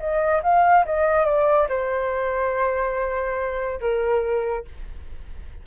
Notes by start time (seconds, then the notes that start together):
0.00 D#5
0.43 F5
0.86 D#5
1.26 D5
1.69 C5
3.81 A#4